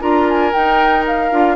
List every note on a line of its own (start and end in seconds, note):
0.00 0.53 D4
0.00 0.52 F4
0.00 1.56 A#4
0.00 0.28 A#5
0.29 0.53 G#5
0.53 1.32 D#4
0.53 1.31 D#4
0.53 1.04 G5
1.07 1.56 F5
1.31 1.56 D4
1.31 1.56 F4